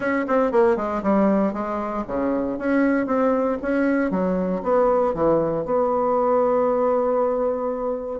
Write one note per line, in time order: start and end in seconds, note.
0.00 0.25 C#4
0.27 0.51 C4
0.51 0.76 A#3
0.76 1.01 G#3
1.03 1.53 G3
1.53 2.04 G#3
2.07 2.58 C#3
2.58 3.06 C#4
3.06 3.58 C4
3.62 4.10 C#4
4.10 4.62 F#3
4.62 5.14 B3
5.14 5.65 E3
5.65 8.20 B3